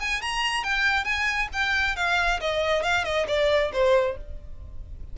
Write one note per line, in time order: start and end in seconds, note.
0.00 0.21 G#5
0.21 0.64 A#5
0.64 1.04 G5
1.04 1.49 G#5
1.53 1.96 G5
1.96 2.40 F5
2.41 2.83 D#5
2.83 3.04 F5
3.04 3.26 D#5
3.28 3.72 D5
3.73 4.17 C5